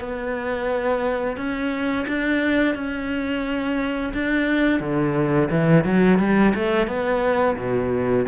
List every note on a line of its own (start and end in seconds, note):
0.00 1.37 B3
1.37 2.06 C#4
2.08 2.75 D4
2.75 4.13 C#4
4.13 4.80 D4
4.80 5.49 D3
5.50 5.84 E3
5.84 6.19 F#3
6.19 6.53 G3
6.55 6.87 A3
6.87 7.56 B3
7.56 8.25 B2